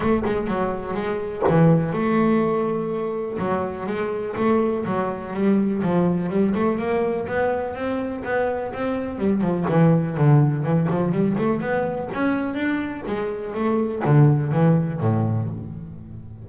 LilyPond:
\new Staff \with { instrumentName = "double bass" } { \time 4/4 \tempo 4 = 124 a8 gis8 fis4 gis4 e4 | a2. fis4 | gis4 a4 fis4 g4 | f4 g8 a8 ais4 b4 |
c'4 b4 c'4 g8 f8 | e4 d4 e8 f8 g8 a8 | b4 cis'4 d'4 gis4 | a4 d4 e4 a,4 | }